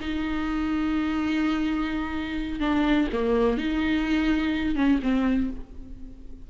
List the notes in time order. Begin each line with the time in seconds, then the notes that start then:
0.00 D#4
2.60 D4
3.13 A#3
3.58 D#4
4.76 C#4
5.03 C4